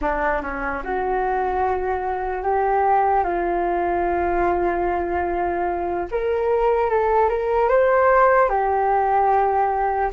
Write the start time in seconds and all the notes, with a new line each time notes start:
0.01 D4
0.42 C#4
0.83 F#4
2.43 G4
3.24 F4
6.11 A#4
6.90 A4
7.29 A#4
7.68 C5
8.49 G4